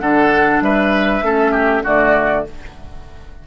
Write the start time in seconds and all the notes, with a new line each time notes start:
0.00 D3 D4 A4 F#5
0.61 G3 B4 E5
1.22 A3 C#4 A4
1.52 G4
1.84 D3 A3 F#4 D5